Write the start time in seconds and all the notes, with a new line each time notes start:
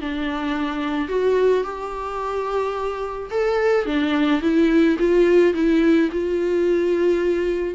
0.00 D4
1.08 F#4
1.63 G4
3.30 A4
3.85 D4
4.41 E4
4.98 F4
5.53 E4
6.11 F4